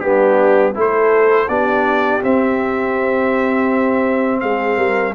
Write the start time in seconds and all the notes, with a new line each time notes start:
0.00 G3 B3 D4 G4
0.75 A3 E4 A4 C5
1.48 B3 D4 G4 D5
2.23 C4 E5
4.41 G#3 G#4 F5
4.77 G3 A#4